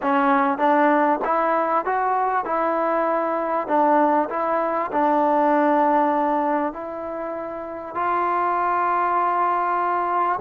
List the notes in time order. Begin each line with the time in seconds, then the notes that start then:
0.02 C#4
0.58 D4
1.24 E4
1.85 F#4
2.45 E4
3.67 D4
4.29 E4
4.91 D4
6.72 E4
7.94 F4